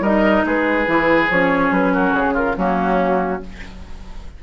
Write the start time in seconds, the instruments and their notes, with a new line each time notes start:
0.00 bassoon G3, clarinet D#4, oboe A#4, flute D#5
0.45 bassoon G#3, oboe G#4, flute B4
0.86 bassoon E3, clarinet E4
1.29 bassoon F3, clarinet C#4, flute C#5
1.71 bassoon F#3, flute B4
1.93 oboe F#4, flute A#4
2.13 bassoon C#3, flute G#4
2.34 oboe F4, flute A#4
2.56 bassoon F#3, clarinet A#3, oboe C#4, flute F#4